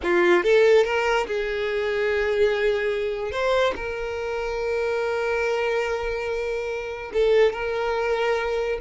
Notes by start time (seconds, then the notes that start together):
0.02 F4
0.43 A4
0.84 A#4
1.26 G#4
3.31 C5
3.75 A#4
7.13 A4
7.53 A#4